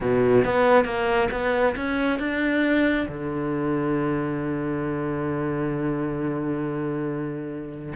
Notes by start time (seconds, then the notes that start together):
0.00 B2
0.44 B3
0.84 A#3
1.31 B3
1.76 C#4
2.19 D4
3.08 D3